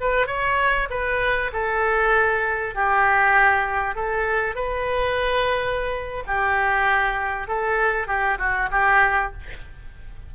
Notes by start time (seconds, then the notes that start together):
0.00 B4
0.27 C#5
0.90 B4
1.53 A4
2.75 G4
3.95 A4
4.55 B4
6.27 G4
7.47 A4
8.07 G4
8.38 F#4
8.71 G4